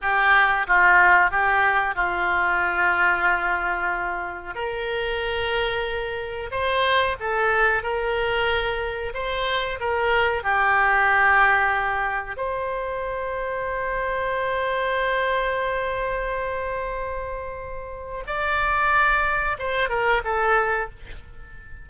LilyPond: \new Staff \with { instrumentName = "oboe" } { \time 4/4 \tempo 4 = 92 g'4 f'4 g'4 f'4~ | f'2. ais'4~ | ais'2 c''4 a'4 | ais'2 c''4 ais'4 |
g'2. c''4~ | c''1~ | c''1 | d''2 c''8 ais'8 a'4 | }